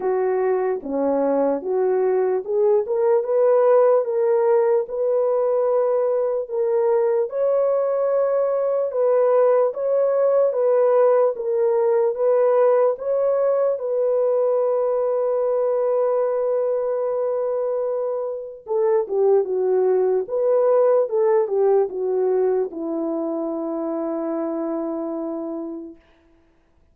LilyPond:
\new Staff \with { instrumentName = "horn" } { \time 4/4 \tempo 4 = 74 fis'4 cis'4 fis'4 gis'8 ais'8 | b'4 ais'4 b'2 | ais'4 cis''2 b'4 | cis''4 b'4 ais'4 b'4 |
cis''4 b'2.~ | b'2. a'8 g'8 | fis'4 b'4 a'8 g'8 fis'4 | e'1 | }